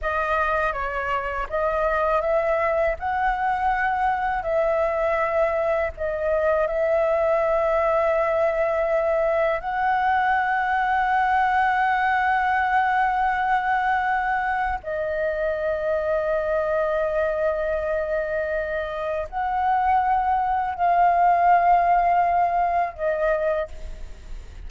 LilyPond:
\new Staff \with { instrumentName = "flute" } { \time 4/4 \tempo 4 = 81 dis''4 cis''4 dis''4 e''4 | fis''2 e''2 | dis''4 e''2.~ | e''4 fis''2.~ |
fis''1 | dis''1~ | dis''2 fis''2 | f''2. dis''4 | }